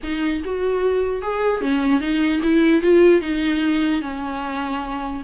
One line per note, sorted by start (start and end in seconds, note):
0.03 0.43 D#4
0.44 1.22 F#4
1.22 1.61 G#4
1.61 2.00 C#4
2.00 2.41 D#4
2.43 2.82 E4
2.82 3.21 F4
3.21 4.01 D#4
4.01 5.22 C#4